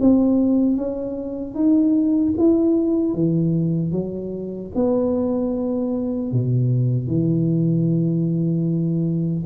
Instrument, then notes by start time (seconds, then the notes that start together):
tuba
0.00 C4
0.76 C#4
1.54 D#4
2.38 E4
3.14 E3
3.92 F#3
4.75 B3
6.32 B2
7.07 E3